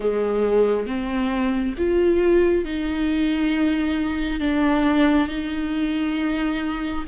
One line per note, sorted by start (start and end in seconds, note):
0.00 0.86 G#3
0.86 1.74 C4
1.77 2.65 F4
2.65 4.40 D#4
4.40 5.28 D4
5.28 7.04 D#4